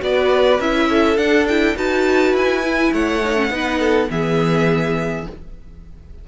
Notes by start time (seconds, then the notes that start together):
0.00 B3 F#4 B4 D5
0.60 C#4 E4 E5
0.89 A4
1.17 D4 F#5
1.48 E4 G5
1.76 D#4 F#4 B4 A5
2.33 E4 G#5
2.63 E4
2.93 A3 C#5 F#5
3.24 D#4
3.36 C#4
3.50 B3 D#4 B4
3.79 A4
4.10 E3 B3 G#4 E5